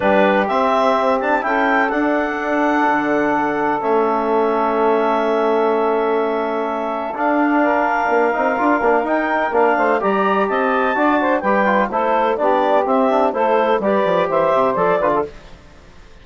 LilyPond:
<<
  \new Staff \with { instrumentName = "clarinet" } { \time 4/4 \tempo 4 = 126 b'4 e''4. a''8 g''4 | fis''1 | e''1~ | e''2. f''4~ |
f''2. g''4 | f''4 ais''4 a''2 | g''4 c''4 d''4 e''4 | c''4 d''4 e''4 d''4 | }
  \new Staff \with { instrumentName = "saxophone" } { \time 4/4 g'2. a'4~ | a'1~ | a'1~ | a'1 |
ais'1~ | ais'8 c''8 d''4 dis''4 d''8 c''8 | b'4 a'4 g'2 | a'4 b'4 c''4. b'16 a'16 | }
  \new Staff \with { instrumentName = "trombone" } { \time 4/4 d'4 c'4. d'8 e'4 | d'1 | cis'1~ | cis'2. d'4~ |
d'4. dis'8 f'8 d'8 dis'4 | d'4 g'2 fis'4 | g'8 f'8 e'4 d'4 c'8 d'8 | e'4 g'2 a'8 f'8 | }
  \new Staff \with { instrumentName = "bassoon" } { \time 4/4 g4 c'2 cis'4 | d'2 d2 | a1~ | a2. d'4~ |
d'4 ais8 c'8 d'8 ais8 dis'4 | ais8 a8 g4 c'4 d'4 | g4 a4 b4 c'4 | a4 g8 f8 e8 c8 f8 d8 | }
>>